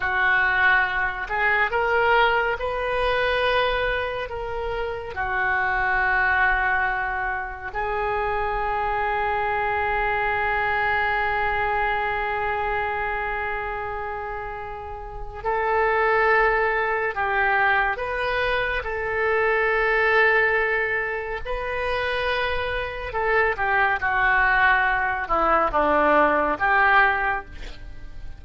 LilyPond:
\new Staff \with { instrumentName = "oboe" } { \time 4/4 \tempo 4 = 70 fis'4. gis'8 ais'4 b'4~ | b'4 ais'4 fis'2~ | fis'4 gis'2.~ | gis'1~ |
gis'2 a'2 | g'4 b'4 a'2~ | a'4 b'2 a'8 g'8 | fis'4. e'8 d'4 g'4 | }